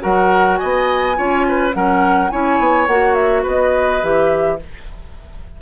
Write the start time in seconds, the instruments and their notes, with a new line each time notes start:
0.00 bassoon F#3, clarinet F#4, oboe A#4, flute F#5
0.57 oboe D#5, flute G#5
0.63 bassoon B3
1.16 bassoon C#4, clarinet F4, oboe C#5
1.48 oboe B4
1.72 bassoon F#3, clarinet C#4, oboe A#4, flute F#5
2.30 bassoon C#4, clarinet E4, oboe C#5, flute G#5
2.59 bassoon B3
2.87 bassoon A#3, clarinet F#4, flute F#5
3.15 flute E5
3.43 bassoon B3, oboe B4
3.49 flute D#5
4.02 bassoon E3, clarinet G4, flute E5